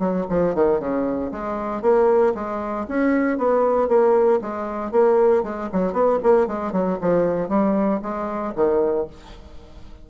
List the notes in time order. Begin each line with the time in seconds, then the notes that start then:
0.00 F#3
0.30 F3
0.55 D#3
0.80 C#3
1.32 G#3
1.82 A#3
2.35 G#3
2.89 C#4
3.38 B3
3.88 A#3
4.42 G#3
4.92 A#3
5.44 G#3
5.73 F#3
5.93 B3
6.23 A#3
6.47 G#3
6.73 F#3
7.01 F3
7.49 G3
8.03 G#3
8.56 D#3